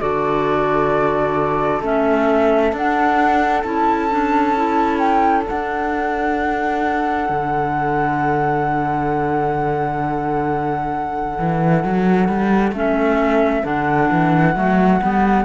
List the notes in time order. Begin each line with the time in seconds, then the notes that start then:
0.00 D3 F#4 A4 D5
1.82 A3 C#4 E5
2.72 D4 F#5
3.61 C#4 E4 A5
4.10 D4
4.55 E4
4.98 G5
5.45 D4 F#5
7.29 D3
11.39 E3
11.84 F#3
12.29 G3
12.72 A3 C#4 E5
13.63 D3 D4 F#5
14.11 E3
14.55 F#3 A3
15.02 G3 B3